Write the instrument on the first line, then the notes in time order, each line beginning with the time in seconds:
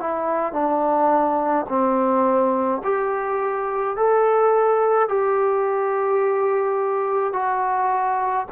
trombone
0.00 E4
0.52 D4
1.68 C4
2.84 G4
3.96 A4
5.08 G4
7.32 F#4